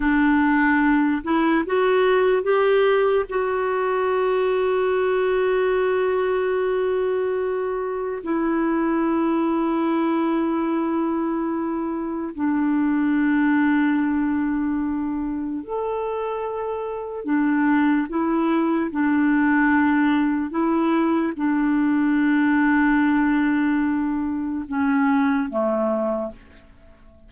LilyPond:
\new Staff \with { instrumentName = "clarinet" } { \time 4/4 \tempo 4 = 73 d'4. e'8 fis'4 g'4 | fis'1~ | fis'2 e'2~ | e'2. d'4~ |
d'2. a'4~ | a'4 d'4 e'4 d'4~ | d'4 e'4 d'2~ | d'2 cis'4 a4 | }